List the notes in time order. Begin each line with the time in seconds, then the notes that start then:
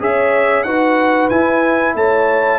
0.00 C#4 G#4 C#5 E5
0.64 D#4 F#4 B4 F#5
1.29 E4 G#5
1.95 A3 C#5 A5